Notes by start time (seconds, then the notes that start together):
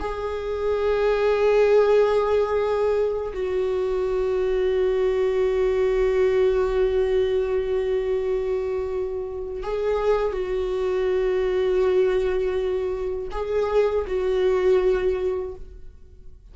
0.00 G#4
3.34 F#4
9.63 G#4
10.33 F#4
13.32 G#4
14.07 F#4